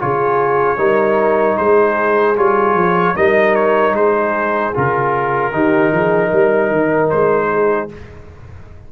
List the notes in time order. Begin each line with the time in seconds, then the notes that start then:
0.00 C#3 F4 G#4 C#5
0.78 G3 D#4 A#4
1.58 G#3 G#4 C5
2.37 G3 F4 C#5
2.75 F3
3.16 G3 D#4 A#4 D#5
3.55 C#5
3.94 G#3 G#4 C5
4.75 C#3 F4 A#4
5.53 D#3 D#4 G4
5.92 F3 G#4
6.30 G3 A#4
6.72 D#3
7.10 G#3 C5
7.53 G#4